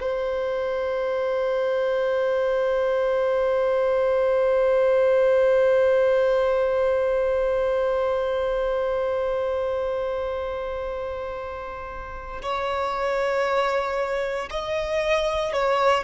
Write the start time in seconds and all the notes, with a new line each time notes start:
0.00 C5
12.42 C#5
14.50 D#5
15.52 C#5